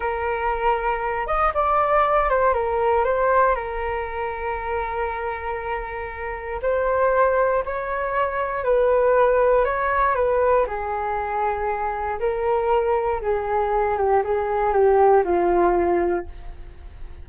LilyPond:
\new Staff \with { instrumentName = "flute" } { \time 4/4 \tempo 4 = 118 ais'2~ ais'8 dis''8 d''4~ | d''8 c''8 ais'4 c''4 ais'4~ | ais'1~ | ais'4 c''2 cis''4~ |
cis''4 b'2 cis''4 | b'4 gis'2. | ais'2 gis'4. g'8 | gis'4 g'4 f'2 | }